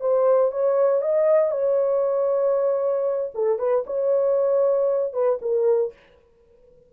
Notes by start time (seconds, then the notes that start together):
0.00 C5
0.52 C#5
1.01 D#5
1.51 C#5
3.34 A4
3.59 B4
3.86 C#5
5.13 B4
5.41 A#4